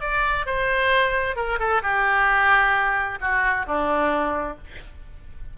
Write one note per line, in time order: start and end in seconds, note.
0.00 0.45 D5
0.46 1.36 C5
1.36 1.58 A#4
1.59 1.81 A4
1.82 3.18 G4
3.20 3.66 F#4
3.66 4.57 D4